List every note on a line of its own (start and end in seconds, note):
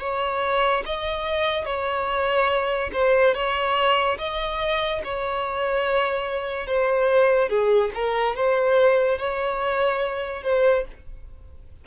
0.00 0.83 C#5
0.85 1.65 D#5
1.65 2.90 C#5
2.92 3.34 C5
3.34 4.17 C#5
4.18 5.02 D#5
5.04 6.67 C#5
6.67 7.49 C5
7.49 7.91 G#4
7.94 8.35 A#4
8.35 9.18 C5
9.18 10.43 C#5
10.43 10.84 C5